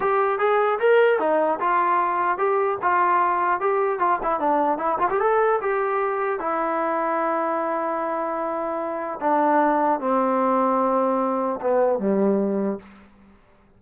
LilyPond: \new Staff \with { instrumentName = "trombone" } { \time 4/4 \tempo 4 = 150 g'4 gis'4 ais'4 dis'4 | f'2 g'4 f'4~ | f'4 g'4 f'8 e'8 d'4 | e'8 f'16 g'16 a'4 g'2 |
e'1~ | e'2. d'4~ | d'4 c'2.~ | c'4 b4 g2 | }